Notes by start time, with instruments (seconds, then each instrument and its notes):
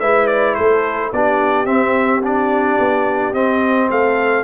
0.00 tuba G#3, trombone E4, horn B4, trumpet E5
0.27 trumpet D5
0.55 tuba A3, horn A4, trumpet C5
1.12 tuba B3, trombone D4, horn G4, trumpet D5
1.66 tuba C4, trombone C4, trumpet E5
2.23 trombone D4, trumpet D5
2.79 tuba B3
3.33 tuba C4, trombone C4, trumpet D#5
3.91 tuba A3, horn A4, trumpet F5